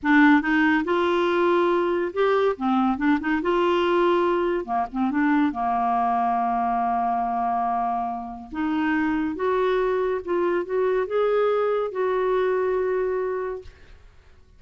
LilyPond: \new Staff \with { instrumentName = "clarinet" } { \time 4/4 \tempo 4 = 141 d'4 dis'4 f'2~ | f'4 g'4 c'4 d'8 dis'8 | f'2. ais8 c'8 | d'4 ais2.~ |
ais1 | dis'2 fis'2 | f'4 fis'4 gis'2 | fis'1 | }